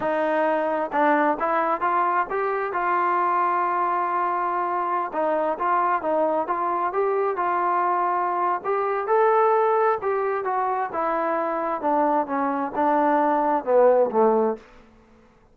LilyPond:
\new Staff \with { instrumentName = "trombone" } { \time 4/4 \tempo 4 = 132 dis'2 d'4 e'4 | f'4 g'4 f'2~ | f'2.~ f'16 dis'8.~ | dis'16 f'4 dis'4 f'4 g'8.~ |
g'16 f'2~ f'8. g'4 | a'2 g'4 fis'4 | e'2 d'4 cis'4 | d'2 b4 a4 | }